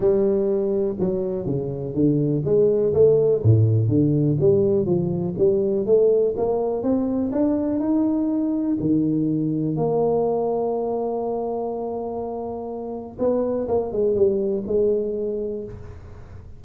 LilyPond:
\new Staff \with { instrumentName = "tuba" } { \time 4/4 \tempo 4 = 123 g2 fis4 cis4 | d4 gis4 a4 a,4 | d4 g4 f4 g4 | a4 ais4 c'4 d'4 |
dis'2 dis2 | ais1~ | ais2. b4 | ais8 gis8 g4 gis2 | }